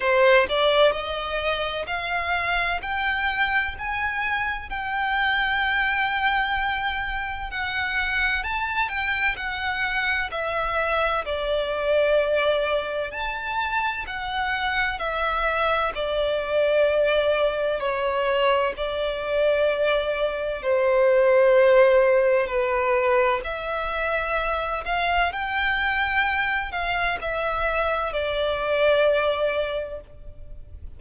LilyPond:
\new Staff \with { instrumentName = "violin" } { \time 4/4 \tempo 4 = 64 c''8 d''8 dis''4 f''4 g''4 | gis''4 g''2. | fis''4 a''8 g''8 fis''4 e''4 | d''2 a''4 fis''4 |
e''4 d''2 cis''4 | d''2 c''2 | b'4 e''4. f''8 g''4~ | g''8 f''8 e''4 d''2 | }